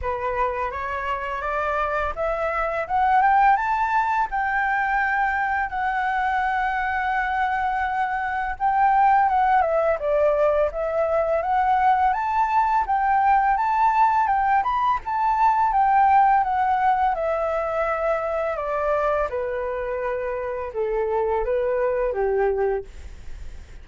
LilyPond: \new Staff \with { instrumentName = "flute" } { \time 4/4 \tempo 4 = 84 b'4 cis''4 d''4 e''4 | fis''8 g''8 a''4 g''2 | fis''1 | g''4 fis''8 e''8 d''4 e''4 |
fis''4 a''4 g''4 a''4 | g''8 b''8 a''4 g''4 fis''4 | e''2 d''4 b'4~ | b'4 a'4 b'4 g'4 | }